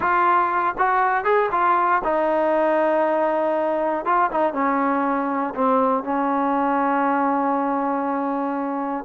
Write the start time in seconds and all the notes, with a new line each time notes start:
0.00 F4
0.77 F#4
1.24 G#4
1.51 F4
2.04 D#4
4.05 F4
4.31 D#4
4.53 C#4
5.55 C4
6.03 C#4